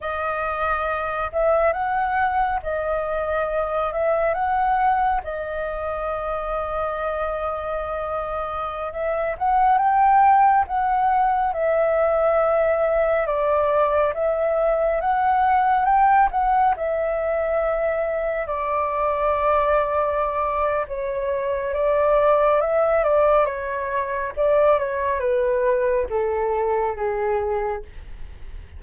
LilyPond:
\new Staff \with { instrumentName = "flute" } { \time 4/4 \tempo 4 = 69 dis''4. e''8 fis''4 dis''4~ | dis''8 e''8 fis''4 dis''2~ | dis''2~ dis''16 e''8 fis''8 g''8.~ | g''16 fis''4 e''2 d''8.~ |
d''16 e''4 fis''4 g''8 fis''8 e''8.~ | e''4~ e''16 d''2~ d''8. | cis''4 d''4 e''8 d''8 cis''4 | d''8 cis''8 b'4 a'4 gis'4 | }